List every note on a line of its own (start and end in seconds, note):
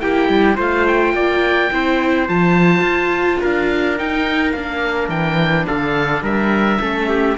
0.00 0.29 A#3
0.00 0.57 E4
0.00 0.56 G4
0.00 0.57 G5
0.29 0.57 G3
0.56 1.13 A3
0.56 1.70 F4
0.56 1.13 C5
0.56 0.87 F5
0.87 2.28 G5
1.13 1.70 A#3
1.13 1.72 D5
1.71 2.29 C4
1.71 2.28 E4
1.71 3.41 C5
2.28 2.81 F3
2.28 3.96 F4
2.28 3.42 A5
2.81 3.37 F4
3.41 4.00 D4
3.41 5.67 A#4
3.41 3.98 F5
3.96 4.53 D#4
3.96 4.52 G5
4.52 5.09 A#3
4.52 6.80 D4
4.52 5.09 F5
5.09 5.65 E3
5.09 5.66 G5
5.67 6.22 D3
5.67 6.23 A4
5.67 6.23 F5
6.22 6.79 G3
6.22 6.79 A#4
6.22 7.37 E5
6.80 7.37 A3
6.80 7.37 C#4
6.80 7.09 A4
7.09 7.37 G4